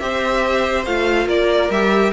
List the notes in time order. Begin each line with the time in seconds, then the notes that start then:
0.00 C4 G4 C5 E5
0.86 A3 F4 F5
1.27 A#3 A#4 D5
1.70 G3 G4 E5